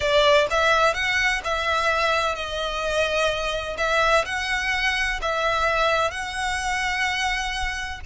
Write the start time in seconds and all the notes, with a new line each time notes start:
0.00 D5
0.50 E5
0.93 F#5
1.44 E5
2.35 D#5
3.77 E5
4.25 F#5
5.21 E5
6.11 F#5